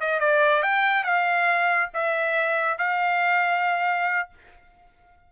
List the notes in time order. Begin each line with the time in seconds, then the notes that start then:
0.00 D#5
0.20 D5
0.63 G5
1.04 F5
1.94 E5
2.78 F5